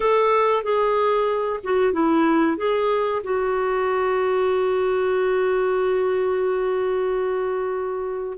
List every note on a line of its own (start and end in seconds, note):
0.00 0.63 A4
0.63 1.60 G#4
1.63 1.92 F#4
1.92 2.57 E4
2.57 3.21 G#4
3.23 8.38 F#4